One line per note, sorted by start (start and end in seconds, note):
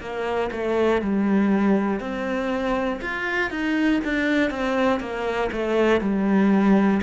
0.00 0.50 A#3
0.51 1.01 A3
1.01 2.00 G3
2.00 3.00 C4
3.01 3.50 F4
3.50 4.00 D#4
4.04 4.50 D4
4.50 5.00 C4
5.00 5.50 A#3
5.52 6.00 A3
6.00 7.00 G3